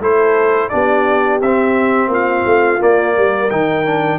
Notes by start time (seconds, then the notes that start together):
0.00 A3 E4 A4 C5
0.69 B3 D4 G4 D5
1.42 C4 E5
2.08 A#3 F4 F5
2.45 A3
2.79 A#3 D5
3.17 G3 A#4
3.50 D#3 D#4 G5
3.85 D4